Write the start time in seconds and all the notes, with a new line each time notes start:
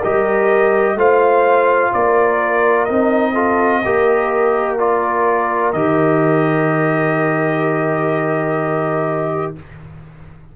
0.00 G3 G4 A#4 D#5
0.95 A3 F4 C5 F5
1.94 A#3 A#4 D5
2.86 C4 D#4 D#5
3.34 F4 A4
3.85 A#3 G4 A#4
4.80 F4 D5
5.73 D#3 G4 D#5